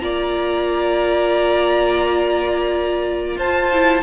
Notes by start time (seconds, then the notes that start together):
0.00 A#3 F4 D5 A#5
3.36 F4 C5 A5
3.73 E4